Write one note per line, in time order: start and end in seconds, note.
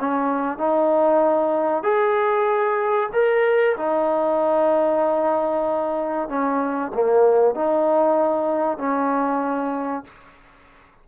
0.00 0.58 C#4
0.58 1.83 D#4
1.83 3.10 G#4
3.13 3.76 A#4
3.78 6.29 D#4
6.29 6.92 C#4
6.94 7.55 A#3
7.55 8.78 D#4
8.78 10.04 C#4